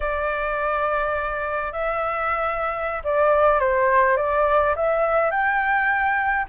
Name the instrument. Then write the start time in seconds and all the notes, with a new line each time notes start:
flute
0.00 D5
1.72 E5
3.03 D5
3.59 C5
4.17 D5
4.75 E5
5.31 G5